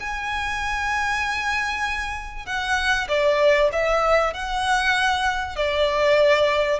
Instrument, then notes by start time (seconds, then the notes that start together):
violin
0.00 G#5
2.46 F#5
3.08 D5
3.73 E5
4.34 F#5
5.56 D5